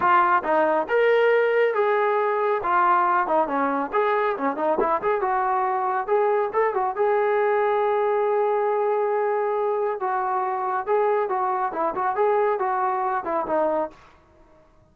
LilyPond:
\new Staff \with { instrumentName = "trombone" } { \time 4/4 \tempo 4 = 138 f'4 dis'4 ais'2 | gis'2 f'4. dis'8 | cis'4 gis'4 cis'8 dis'8 e'8 gis'8 | fis'2 gis'4 a'8 fis'8 |
gis'1~ | gis'2. fis'4~ | fis'4 gis'4 fis'4 e'8 fis'8 | gis'4 fis'4. e'8 dis'4 | }